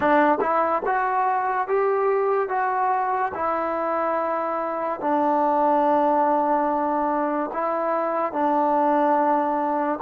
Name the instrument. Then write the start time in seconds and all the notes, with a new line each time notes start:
trombone
0.00 D4
0.40 E4
0.85 F#4
1.67 G4
2.48 F#4
3.34 E4
5.00 D4
7.53 E4
8.32 D4